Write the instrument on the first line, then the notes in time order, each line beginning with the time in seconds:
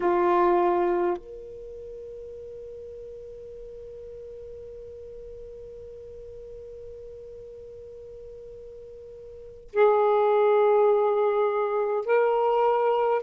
saxophone
0.00 F4
1.17 A#4
9.72 G#4
12.05 A#4